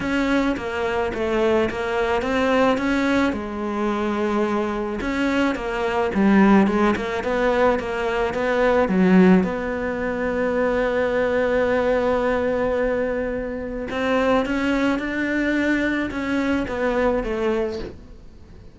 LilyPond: \new Staff \with { instrumentName = "cello" } { \time 4/4 \tempo 4 = 108 cis'4 ais4 a4 ais4 | c'4 cis'4 gis2~ | gis4 cis'4 ais4 g4 | gis8 ais8 b4 ais4 b4 |
fis4 b2.~ | b1~ | b4 c'4 cis'4 d'4~ | d'4 cis'4 b4 a4 | }